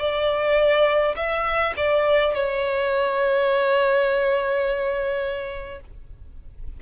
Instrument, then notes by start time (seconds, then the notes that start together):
violin
0.00 D5
1.16 E5
1.77 D5
2.34 C#5